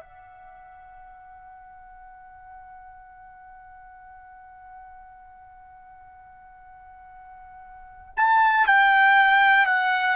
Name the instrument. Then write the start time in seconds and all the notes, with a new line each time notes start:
trumpet
0.00 F#5
8.16 A5
8.66 G5
9.65 F#5